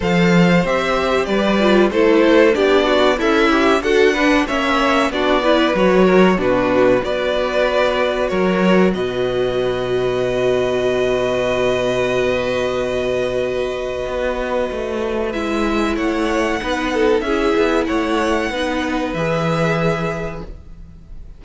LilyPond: <<
  \new Staff \with { instrumentName = "violin" } { \time 4/4 \tempo 4 = 94 f''4 e''4 d''4 c''4 | d''4 e''4 fis''4 e''4 | d''4 cis''4 b'4 d''4~ | d''4 cis''4 dis''2~ |
dis''1~ | dis''1 | e''4 fis''2 e''4 | fis''2 e''2 | }
  \new Staff \with { instrumentName = "violin" } { \time 4/4 c''2 b'4 a'4 | g'8 fis'8 e'4 a'8 b'8 cis''4 | fis'8 b'4 ais'8 fis'4 b'4~ | b'4 ais'4 b'2~ |
b'1~ | b'1~ | b'4 cis''4 b'8 a'8 gis'4 | cis''4 b'2. | }
  \new Staff \with { instrumentName = "viola" } { \time 4/4 a'4 g'4. f'8 e'4 | d'4 a'8 g'8 fis'8 d'8 cis'4 | d'8 e'8 fis'4 d'4 fis'4~ | fis'1~ |
fis'1~ | fis'1 | e'2 dis'4 e'4~ | e'4 dis'4 gis'2 | }
  \new Staff \with { instrumentName = "cello" } { \time 4/4 f4 c'4 g4 a4 | b4 cis'4 d'4 ais4 | b4 fis4 b,4 b4~ | b4 fis4 b,2~ |
b,1~ | b,2 b4 a4 | gis4 a4 b4 cis'8 b8 | a4 b4 e2 | }
>>